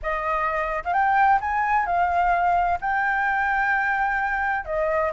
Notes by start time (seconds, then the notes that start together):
0.02 D#5
0.84 F5
0.93 G5
1.40 G#5
1.86 F5
2.80 G5
4.65 D#5